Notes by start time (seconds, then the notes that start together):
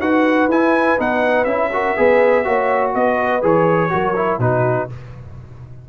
0.00 D#4 F#4 B4 F#5
0.48 E4 G#5
0.98 B3 D#4 F#5
1.45 C#4 E4 E5
1.73 F#4 A#4
1.97 B3 G#4 B4
2.44 A#3 F#4 C#5
2.95 B3 B4 D#5
3.42 E3 G#4 C#5
3.90 F#3 F#4 A#4
4.16 E4
4.39 B2 D#4 F#4 B4